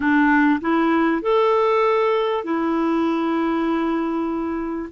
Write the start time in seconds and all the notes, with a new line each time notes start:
0.00 D4
0.60 E4
1.22 A4
2.44 E4